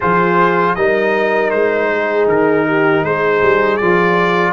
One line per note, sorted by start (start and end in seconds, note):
0.00 0.76 F3
0.00 0.77 F4
0.00 0.76 G#4
0.00 0.75 C5
0.75 1.52 G3
0.75 3.81 D#4
0.75 1.90 A#4
0.75 1.50 D#5
1.50 2.27 G#3
1.50 2.26 C5
1.91 2.67 G#4
2.27 3.03 D#3
2.27 3.04 A#4
2.67 3.05 G4
3.03 3.41 G#3
3.03 4.53 G#4
3.03 3.76 C5
3.41 3.79 G3
3.76 4.53 F3
3.76 4.53 F4
3.76 4.52 D5